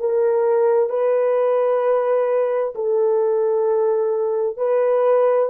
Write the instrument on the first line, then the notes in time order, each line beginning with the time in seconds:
horn
0.00 A#4
0.89 B4
2.75 A4
4.57 B4